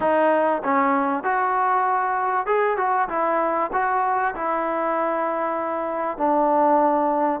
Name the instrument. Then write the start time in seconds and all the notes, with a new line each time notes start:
trombone
0.00 D#4
0.64 C#4
1.23 F#4
2.46 G#4
2.77 F#4
3.08 E4
3.72 F#4
4.35 E4
6.17 D4